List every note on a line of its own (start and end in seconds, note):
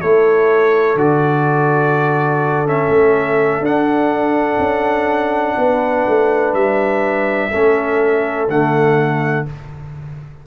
0.00 0.95 A3
0.00 0.97 E4
0.00 5.56 A4
0.00 0.97 C#5
0.95 2.88 D3
0.95 2.66 F#4
0.95 2.67 D5
2.66 3.62 C#4
2.66 3.65 E5
2.89 3.60 A3
3.60 4.57 D4
3.60 7.51 D4
3.60 6.54 F#5
4.59 5.55 C#4
5.57 6.06 B3
5.57 7.50 B4
6.08 6.53 A3
6.53 7.50 G3
6.53 8.47 E5
7.50 8.48 A3
7.50 8.48 C#4
7.50 9.43 A4
8.48 9.45 D3
8.48 9.46 A3
8.48 9.46 F#5